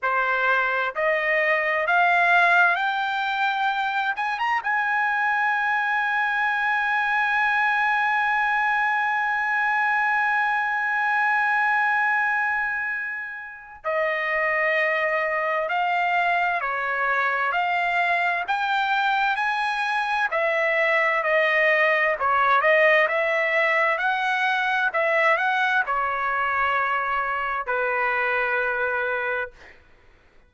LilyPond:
\new Staff \with { instrumentName = "trumpet" } { \time 4/4 \tempo 4 = 65 c''4 dis''4 f''4 g''4~ | g''8 gis''16 ais''16 gis''2.~ | gis''1~ | gis''2. dis''4~ |
dis''4 f''4 cis''4 f''4 | g''4 gis''4 e''4 dis''4 | cis''8 dis''8 e''4 fis''4 e''8 fis''8 | cis''2 b'2 | }